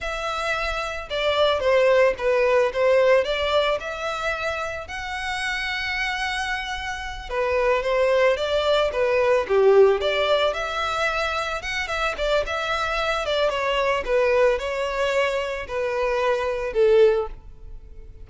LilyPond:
\new Staff \with { instrumentName = "violin" } { \time 4/4 \tempo 4 = 111 e''2 d''4 c''4 | b'4 c''4 d''4 e''4~ | e''4 fis''2.~ | fis''4. b'4 c''4 d''8~ |
d''8 b'4 g'4 d''4 e''8~ | e''4. fis''8 e''8 d''8 e''4~ | e''8 d''8 cis''4 b'4 cis''4~ | cis''4 b'2 a'4 | }